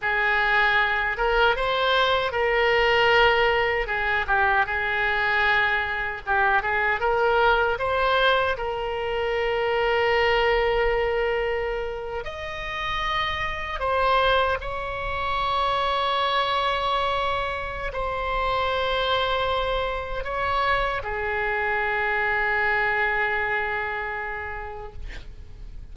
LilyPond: \new Staff \with { instrumentName = "oboe" } { \time 4/4 \tempo 4 = 77 gis'4. ais'8 c''4 ais'4~ | ais'4 gis'8 g'8 gis'2 | g'8 gis'8 ais'4 c''4 ais'4~ | ais'2.~ ais'8. dis''16~ |
dis''4.~ dis''16 c''4 cis''4~ cis''16~ | cis''2. c''4~ | c''2 cis''4 gis'4~ | gis'1 | }